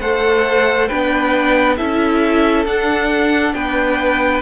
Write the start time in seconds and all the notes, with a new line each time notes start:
0.00 A3 A4 C5 F#5
0.88 B3 D4 B4 G5
1.77 C#4 E4 A4 E5
2.66 D4 F#5
3.53 B3 B4 G5